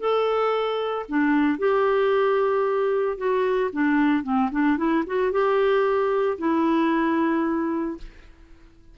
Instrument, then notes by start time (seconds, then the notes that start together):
clarinet
0.00 A4
1.09 D4
1.59 G4
3.18 F#4
3.73 D4
4.24 C4
4.52 D4
4.78 E4
5.07 F#4
5.32 G4
6.38 E4